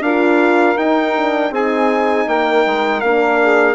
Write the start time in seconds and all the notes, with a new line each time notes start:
0.00 D4 F4 A#4 F5
0.76 D#4 G5
1.16 D4
1.50 C4 D#4 G#4 G#5
2.27 A#3 A#4 G5
2.66 G#3
3.00 A#3 D4 F5
3.41 G#4